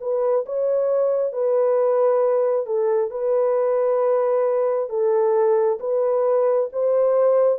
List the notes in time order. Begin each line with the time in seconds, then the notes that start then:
0.00 B4
0.46 C#5
1.32 B4
2.66 A4
3.10 B4
4.89 A4
5.79 B4
6.72 C5